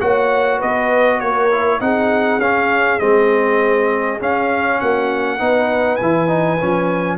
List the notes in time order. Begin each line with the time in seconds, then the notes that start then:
0.00 A#3 F#4 C#5 F#5
0.57 B3 B4 D#5
1.19 A#3 A#4 C#5
1.51 E4
1.80 C4 D#4 G#4 F#5
2.38 C#4 F5
2.99 G#3 C4 D#5
4.20 C#4 F5
4.80 A#3 F#4 F#5
5.37 B3 D#4 B4
5.96 E3 E4 G#5
6.27 D#4
6.60 F3 C#4